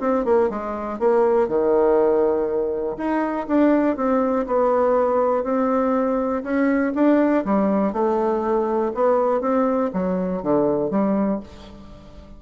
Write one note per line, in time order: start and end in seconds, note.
0.00 0.25 C4
0.25 0.49 A#3
0.49 0.99 G#3
0.99 1.48 A#3
1.48 2.97 D#3
2.97 3.47 D#4
3.48 3.96 D4
3.96 4.46 C4
4.46 5.43 B3
5.43 6.43 C4
6.43 6.92 C#4
6.95 7.44 D4
7.44 7.92 G3
7.92 8.92 A3
8.94 9.41 B3
9.41 9.90 C4
9.93 10.42 F#3
10.42 10.90 D3
10.90 11.40 G3